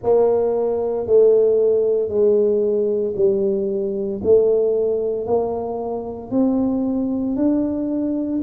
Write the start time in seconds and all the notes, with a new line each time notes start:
0.02 A#3
1.06 A3
2.08 G#3
3.16 G3
4.23 A3
5.26 A#3
6.30 C4
7.36 D4